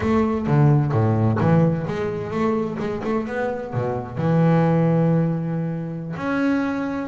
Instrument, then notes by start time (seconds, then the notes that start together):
double bass
0.00 A3
0.47 D3
0.92 A2
1.40 E3
1.87 G#3
2.30 A3
2.79 G#3
3.04 A3
3.27 B3
3.73 B2
4.17 E3
6.16 C#4